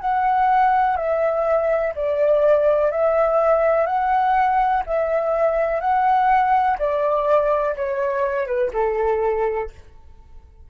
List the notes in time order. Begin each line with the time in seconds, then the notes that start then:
0.00 F#5
0.97 E5
1.96 D5
2.91 E5
3.86 F#5
4.86 E5
5.81 F#5
6.79 D5
7.76 C#5
8.47 B4
8.73 A4